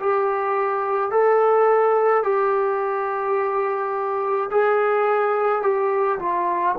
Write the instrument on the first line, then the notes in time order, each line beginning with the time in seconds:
trombone
0.00 G4
1.11 A4
2.24 G4
4.51 G#4
5.62 G4
6.19 F4